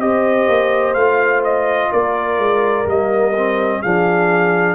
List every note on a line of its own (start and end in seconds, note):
0.00 0.48 C4
0.00 0.96 G4
0.00 1.92 C5
0.00 0.94 D#5
0.48 0.95 A#3
0.94 1.90 A3
0.94 2.86 F4
0.94 1.42 F5
1.44 1.92 D#5
1.92 2.38 A#3
1.92 3.82 A#4
1.92 2.87 D5
2.38 2.86 G#3
2.86 3.81 G3
2.86 3.33 A#3
2.86 3.82 D#5
3.36 3.84 C4
3.82 4.75 F3
3.82 4.75 D4
3.82 4.75 G#4
3.82 4.75 F5